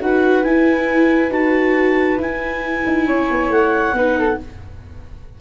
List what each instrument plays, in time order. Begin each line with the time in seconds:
0.00 tuba D#4, viola F#4, flute B4, clarinet F#5
0.44 viola E4, tuba E4, clarinet G#5
1.29 tuba D#4, viola F#4, clarinet A5
2.17 tuba E4, viola E4, clarinet G#5
2.86 tuba D#4
3.07 tuba C#4, flute C#5
3.30 tuba B3
3.49 tuba A3, clarinet F#5
3.93 tuba B3, viola D#4, flute B4
4.18 flute A4